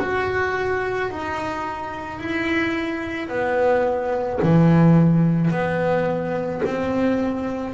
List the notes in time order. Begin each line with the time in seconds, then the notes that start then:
0.00 F#4
1.11 D#4
2.20 E4
3.29 B3
4.43 E3
5.51 B3
6.66 C4